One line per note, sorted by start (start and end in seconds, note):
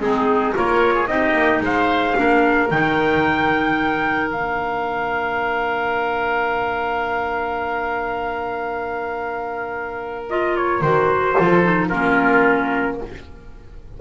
0.00 0.54 G#3
0.00 0.55 C4
0.00 0.56 D#4
0.00 0.56 G#4
0.55 1.08 A#3
0.55 1.08 F4
0.55 0.95 A#4
0.55 1.07 C#5
0.95 1.08 G#4
1.07 1.33 C4
1.07 2.16 D#4
1.07 1.64 G4
1.07 1.61 D#5
1.33 1.60 A#3
1.61 2.15 G#3
1.61 2.18 C5
1.61 2.71 F5
2.16 2.71 A#3
2.16 2.70 D4
2.16 11.35 A#4
2.71 4.33 D#3
2.71 4.34 D#4
2.71 4.31 G5
4.31 10.82 A#3
4.31 10.29 D4
4.31 10.26 F5
10.30 10.83 F4
10.30 10.57 D#5
10.57 10.82 C#5
10.82 11.36 D#3
10.82 11.37 F#4
10.82 11.89 C5
11.35 11.93 F3
11.35 11.63 F4
11.35 11.89 A4
11.63 11.90 D#4
11.89 13.01 A#3
11.89 12.99 C#4
11.89 12.97 F4
11.89 12.97 A#4